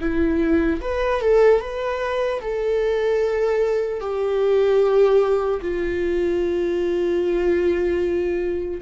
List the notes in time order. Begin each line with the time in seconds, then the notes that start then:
0.00 E4
0.81 B4
1.20 A4
1.60 B4
2.40 A4
4.00 G4
5.61 F4